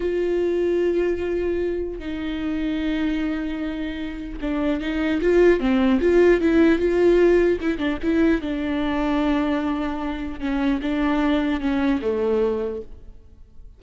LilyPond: \new Staff \with { instrumentName = "viola" } { \time 4/4 \tempo 4 = 150 f'1~ | f'4 dis'2.~ | dis'2. d'4 | dis'4 f'4 c'4 f'4 |
e'4 f'2 e'8 d'8 | e'4 d'2.~ | d'2 cis'4 d'4~ | d'4 cis'4 a2 | }